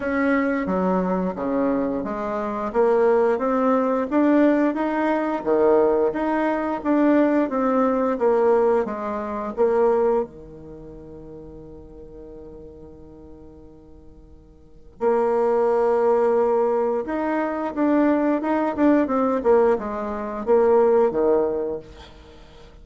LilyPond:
\new Staff \with { instrumentName = "bassoon" } { \time 4/4 \tempo 4 = 88 cis'4 fis4 cis4 gis4 | ais4 c'4 d'4 dis'4 | dis4 dis'4 d'4 c'4 | ais4 gis4 ais4 dis4~ |
dis1~ | dis2 ais2~ | ais4 dis'4 d'4 dis'8 d'8 | c'8 ais8 gis4 ais4 dis4 | }